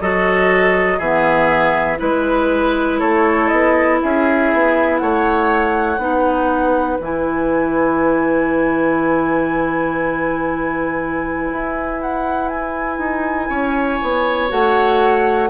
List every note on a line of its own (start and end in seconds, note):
0.00 0.98 F#3
0.00 1.01 F#4
0.00 0.98 A4
0.00 0.99 D#5
0.98 1.98 E3
0.98 1.96 B3
0.98 1.98 G#4
0.98 1.99 E5
1.96 3.01 G#3
1.96 5.96 E4
1.96 2.99 B4
2.99 3.51 A3
2.99 3.99 A4
2.99 3.48 C#5
3.48 4.01 B3
3.48 3.98 D#5
4.02 4.53 C#4
4.02 5.01 G#4
4.02 4.97 E5
4.53 5.01 B3
4.97 5.98 A3
4.97 6.00 C#5
4.97 6.97 F#5
5.98 6.98 B3
5.98 6.99 D#4
5.98 13.49 B4
7.00 11.50 E3
7.00 14.49 E4
7.00 12.01 G#5
11.52 12.98 E4
12.01 12.48 F#5
12.48 14.48 G#5
12.98 13.48 D#4
13.49 13.99 C#4
13.49 15.49 C#5
14.02 14.50 B3
14.49 15.50 A3
14.49 15.49 F#4
14.49 15.50 F#5